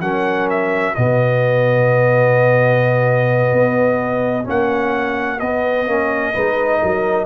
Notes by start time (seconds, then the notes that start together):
0.00 F#3 C#4 A#4 F#5
0.49 E5
0.95 B2 B3 F#4 D#5
3.52 B3
4.44 A#3 C#4 F#5
5.39 B3 D#5
5.87 A#3 C#4
6.33 G#3 D#4 B4
6.80 F#3 A#4